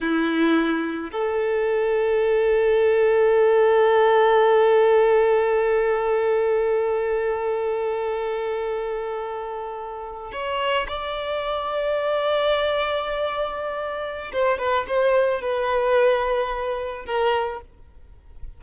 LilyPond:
\new Staff \with { instrumentName = "violin" } { \time 4/4 \tempo 4 = 109 e'2 a'2~ | a'1~ | a'1~ | a'1~ |
a'2~ a'8. cis''4 d''16~ | d''1~ | d''2 c''8 b'8 c''4 | b'2. ais'4 | }